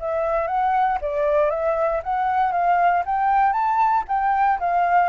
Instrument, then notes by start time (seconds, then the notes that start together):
flute
0.00 E5
0.48 F#5
1.02 D5
1.51 E5
2.03 F#5
2.52 F5
3.06 G5
3.53 A5
4.08 G5
4.60 F5